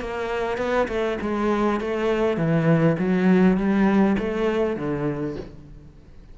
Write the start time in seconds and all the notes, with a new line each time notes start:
0.00 A#3
0.58 B3
0.88 A3
1.21 G#3
1.80 A3
2.37 E3
2.98 F#3
3.57 G3
4.18 A3
4.76 D3